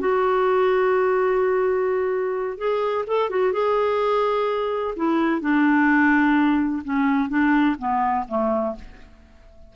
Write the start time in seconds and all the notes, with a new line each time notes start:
0.00 F#4
2.58 G#4
3.07 A4
3.30 F#4
3.53 G#4
4.96 E4
5.41 D4
6.84 C#4
7.29 D4
7.79 B3
8.28 A3